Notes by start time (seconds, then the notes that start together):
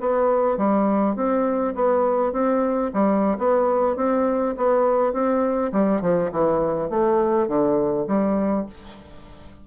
0.00 B3
0.57 G3
1.16 C4
1.75 B3
2.32 C4
2.93 G3
3.38 B3
3.96 C4
4.57 B3
5.13 C4
5.72 G3
6.01 F3
6.32 E3
6.90 A3
7.48 D3
8.07 G3